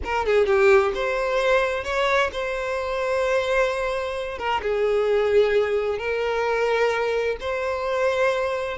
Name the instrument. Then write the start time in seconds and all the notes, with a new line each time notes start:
violin
0.03 A#4
0.26 G#4
0.46 G4
0.94 C5
1.84 C#5
2.32 C5
4.38 A#4
4.62 G#4
5.98 A#4
7.40 C5